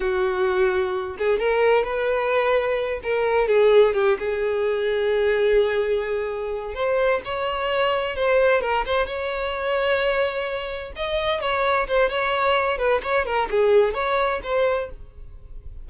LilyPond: \new Staff \with { instrumentName = "violin" } { \time 4/4 \tempo 4 = 129 fis'2~ fis'8 gis'8 ais'4 | b'2~ b'8 ais'4 gis'8~ | gis'8 g'8 gis'2.~ | gis'2~ gis'8 c''4 cis''8~ |
cis''4. c''4 ais'8 c''8 cis''8~ | cis''2.~ cis''8 dis''8~ | dis''8 cis''4 c''8 cis''4. b'8 | cis''8 ais'8 gis'4 cis''4 c''4 | }